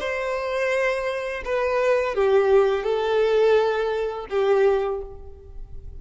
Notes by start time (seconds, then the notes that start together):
0.00 C5
1.45 B4
2.15 G4
2.84 A4
4.30 G4